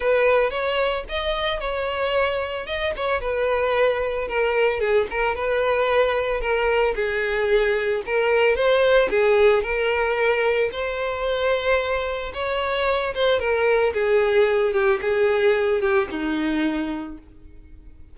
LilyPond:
\new Staff \with { instrumentName = "violin" } { \time 4/4 \tempo 4 = 112 b'4 cis''4 dis''4 cis''4~ | cis''4 dis''8 cis''8 b'2 | ais'4 gis'8 ais'8 b'2 | ais'4 gis'2 ais'4 |
c''4 gis'4 ais'2 | c''2. cis''4~ | cis''8 c''8 ais'4 gis'4. g'8 | gis'4. g'8 dis'2 | }